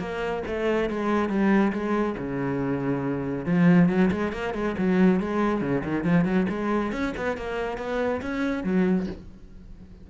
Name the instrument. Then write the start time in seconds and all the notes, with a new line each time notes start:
cello
0.00 A#3
0.47 A3
0.90 G#3
1.29 G3
1.73 G#3
2.18 C#3
3.46 F3
3.89 F#3
4.12 G#3
4.33 A#3
4.55 G#3
4.78 F#3
5.21 G#3
5.62 C#3
5.85 D#3
6.05 F3
6.25 F#3
6.50 G#3
6.93 C#4
7.18 B3
7.38 A#3
7.78 B3
8.22 C#4
8.64 F#3